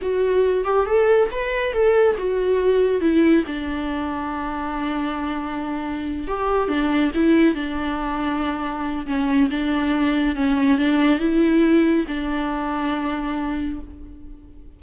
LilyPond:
\new Staff \with { instrumentName = "viola" } { \time 4/4 \tempo 4 = 139 fis'4. g'8 a'4 b'4 | a'4 fis'2 e'4 | d'1~ | d'2~ d'8 g'4 d'8~ |
d'8 e'4 d'2~ d'8~ | d'4 cis'4 d'2 | cis'4 d'4 e'2 | d'1 | }